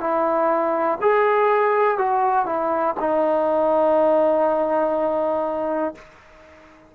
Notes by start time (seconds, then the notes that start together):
0.00 E4
1.01 G#4
1.98 F#4
2.45 E4
3.00 D#4